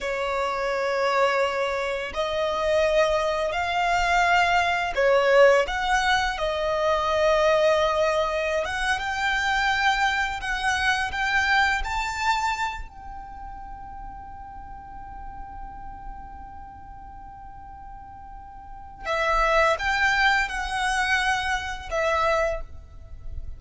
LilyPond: \new Staff \with { instrumentName = "violin" } { \time 4/4 \tempo 4 = 85 cis''2. dis''4~ | dis''4 f''2 cis''4 | fis''4 dis''2.~ | dis''16 fis''8 g''2 fis''4 g''16~ |
g''8. a''4. g''4.~ g''16~ | g''1~ | g''2. e''4 | g''4 fis''2 e''4 | }